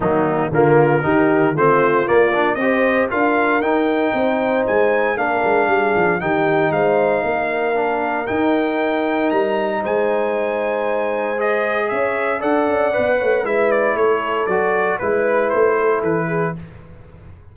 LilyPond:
<<
  \new Staff \with { instrumentName = "trumpet" } { \time 4/4 \tempo 4 = 116 dis'4 ais'2 c''4 | d''4 dis''4 f''4 g''4~ | g''4 gis''4 f''2 | g''4 f''2. |
g''2 ais''4 gis''4~ | gis''2 dis''4 e''4 | fis''2 e''8 d''8 cis''4 | d''4 b'4 c''4 b'4 | }
  \new Staff \with { instrumentName = "horn" } { \time 4/4 ais4 f'4 g'4 f'4~ | f'4 c''4 ais'2 | c''2 ais'4 gis'4 | g'4 c''4 ais'2~ |
ais'2. c''4~ | c''2. cis''4 | d''4. cis''8 b'4 a'4~ | a'4 b'4. a'4 gis'8 | }
  \new Staff \with { instrumentName = "trombone" } { \time 4/4 fis4 ais4 dis'4 c'4 | ais8 d'8 g'4 f'4 dis'4~ | dis'2 d'2 | dis'2. d'4 |
dis'1~ | dis'2 gis'2 | a'4 b'4 e'2 | fis'4 e'2. | }
  \new Staff \with { instrumentName = "tuba" } { \time 4/4 dis4 d4 dis4 a4 | ais4 c'4 d'4 dis'4 | c'4 gis4 ais8 gis8 g8 f8 | dis4 gis4 ais2 |
dis'2 g4 gis4~ | gis2. cis'4 | d'8 cis'8 b8 a8 gis4 a4 | fis4 gis4 a4 e4 | }
>>